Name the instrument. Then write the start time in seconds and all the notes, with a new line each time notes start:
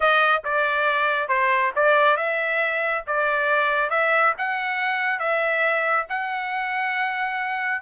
trumpet
0.00 D#5
0.44 D5
1.28 C5
1.75 D5
2.16 E5
3.06 D5
3.90 E5
4.38 F#5
5.19 E5
6.09 F#5